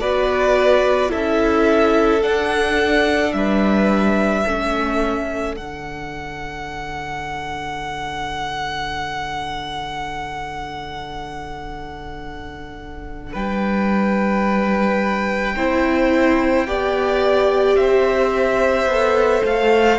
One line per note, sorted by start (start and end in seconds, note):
0.00 1.12 B3
0.00 1.09 F#4
0.00 1.11 B4
0.00 1.11 D5
1.09 2.23 C#4
1.09 2.20 E4
1.09 3.33 A4
1.09 2.22 E5
2.22 4.44 D4
2.22 3.33 D4
2.22 3.33 F#5
3.33 4.44 G3
3.33 4.44 B4
3.33 5.55 E5
4.44 5.58 A3
4.44 5.56 C#4
4.44 13.33 A4
5.56 13.35 D3
5.56 15.56 D4
5.56 13.34 F#5
13.33 15.56 G3
13.33 15.55 B4
13.33 17.76 G5
15.56 16.67 C4
15.56 16.67 E4
15.56 16.67 C5
16.67 17.76 B3
16.67 18.89 G4
16.67 17.79 D5
17.76 18.86 C4
17.76 19.99 C5
17.76 19.43 E5
18.86 19.41 B3
18.86 19.99 A4
19.44 19.99 A3
19.44 19.99 F5